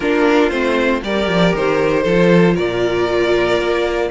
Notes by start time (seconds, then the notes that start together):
0.00 A#3 D4 F4 A#4
0.49 A3 C4 C5
1.02 G3 G4 A#4 D5
1.27 F3
1.54 D#3 C5
2.02 F3 F4 A4
2.55 A#2 A#4 D5
3.59 A#3